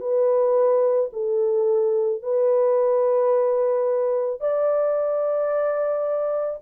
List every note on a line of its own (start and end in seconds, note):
0.00 1.10 B4
1.13 2.23 A4
2.23 4.40 B4
4.40 6.60 D5